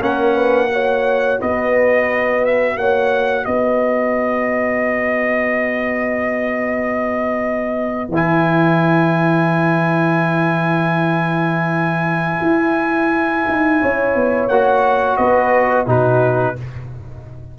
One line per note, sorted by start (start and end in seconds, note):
0.00 1.39 A#3
0.00 0.69 C#4
0.00 0.35 A#4
0.00 1.41 F#5
0.35 0.69 B4
0.69 8.10 F#4
0.69 1.40 C#5
1.40 2.77 B3
1.40 2.78 B4
1.40 2.45 D#5
2.45 2.78 E5
2.77 3.46 A#3
2.77 3.47 C#5
2.77 3.45 F#5
3.45 8.09 B3
3.45 13.81 B4
3.45 8.11 D#5
8.09 12.40 E3
8.09 14.51 E4
8.16 14.49 G#5
12.42 13.45 E4
13.48 13.83 D#4
13.81 14.16 C#4
13.81 15.19 C#5
14.16 14.49 B3
14.49 15.18 A#3
14.49 15.87 F#4
14.49 15.17 F#5
15.17 15.87 B3
15.17 15.87 B4
15.17 15.86 D#5
15.87 16.56 B2
15.87 16.56 D#4
15.87 16.56 F#4
15.87 16.59 B4